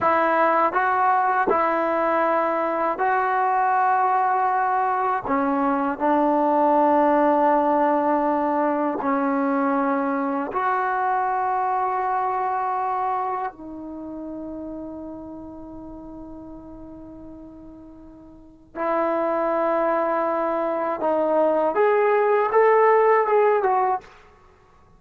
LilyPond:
\new Staff \with { instrumentName = "trombone" } { \time 4/4 \tempo 4 = 80 e'4 fis'4 e'2 | fis'2. cis'4 | d'1 | cis'2 fis'2~ |
fis'2 dis'2~ | dis'1~ | dis'4 e'2. | dis'4 gis'4 a'4 gis'8 fis'8 | }